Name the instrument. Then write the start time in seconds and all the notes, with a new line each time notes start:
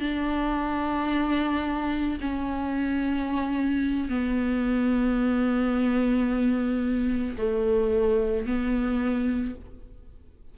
viola
0.00 D4
2.20 C#4
4.09 B3
7.38 A3
8.46 B3